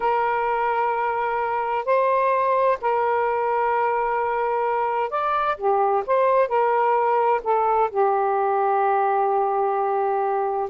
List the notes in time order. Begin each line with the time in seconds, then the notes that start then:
0.00 A#4
1.85 C5
2.81 A#4
5.10 D5
5.57 G4
6.06 C5
6.48 A#4
7.43 A4
7.90 G4